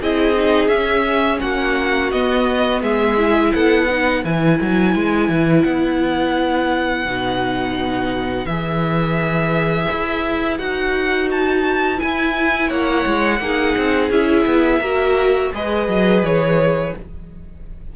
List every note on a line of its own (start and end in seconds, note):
0.00 0.68 C4
0.00 0.35 E4
0.00 1.41 G#4
0.00 0.67 D#5
0.35 0.70 D#4
0.67 1.39 C#4
0.67 2.12 C#4
0.67 1.38 E5
1.40 2.12 A#3
1.40 2.82 F#4
1.40 2.11 F#5
2.11 2.81 B3
2.11 3.17 B3
2.11 2.82 D#5
2.81 3.52 G#3
2.81 3.52 G#4
2.81 3.53 E5
3.17 3.88 E4
3.53 4.24 B3
3.53 3.89 A4
3.53 4.24 F#5
3.89 4.24 D#4
3.89 12.67 B4
4.24 4.59 E3
4.24 7.07 E4
4.24 5.63 G#5
4.61 4.95 F#3
4.95 5.28 G#3
5.28 5.64 E3
5.63 7.05 B3
5.63 8.45 F#5
7.05 8.45 B2
7.05 8.48 D#4
8.45 9.86 E3
8.45 10.58 G#4
8.45 10.57 E5
9.91 10.59 E4
10.58 12.00 D#4
10.58 11.97 F#4
10.58 11.28 F#5
11.30 11.99 A5
11.97 13.38 E4
11.97 12.69 G#5
12.03 12.69 E4
12.67 13.05 A#3
12.67 13.37 C#5
12.67 14.10 F#5
13.05 13.39 G#3
13.39 13.75 A#3
13.39 14.11 D#4
13.39 14.79 G#4
13.77 14.09 C4
14.09 14.45 C#4
14.09 14.81 E4
14.09 15.52 E5
14.45 14.80 B3
14.79 15.51 A#3
14.79 15.53 F#4
14.79 15.50 A#4
15.53 15.88 G#3
15.53 16.94 G#4
15.53 16.95 B4
15.53 16.24 D#5
15.88 16.22 F#3
16.22 16.93 E3
16.22 16.95 C#5